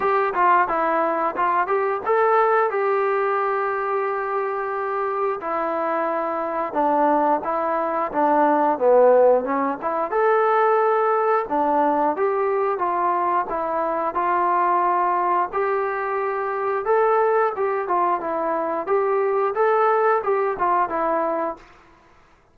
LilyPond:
\new Staff \with { instrumentName = "trombone" } { \time 4/4 \tempo 4 = 89 g'8 f'8 e'4 f'8 g'8 a'4 | g'1 | e'2 d'4 e'4 | d'4 b4 cis'8 e'8 a'4~ |
a'4 d'4 g'4 f'4 | e'4 f'2 g'4~ | g'4 a'4 g'8 f'8 e'4 | g'4 a'4 g'8 f'8 e'4 | }